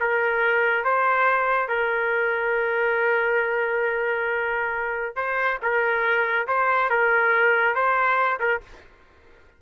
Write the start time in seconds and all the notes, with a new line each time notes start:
0.00 A#4
0.84 C5
1.68 A#4
5.16 C5
5.62 A#4
6.48 C5
6.90 A#4
7.75 C5
8.40 A#4